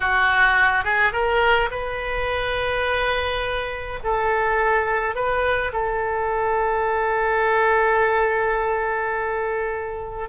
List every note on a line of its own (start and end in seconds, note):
0.00 0.84 F#4
0.84 1.12 G#4
1.12 1.69 A#4
1.71 3.99 B4
4.03 5.15 A4
5.15 5.72 B4
5.72 10.29 A4